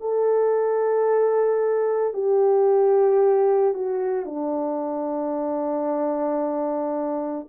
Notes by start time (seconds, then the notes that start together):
0.00 A4
2.13 G4
3.74 F#4
4.25 D4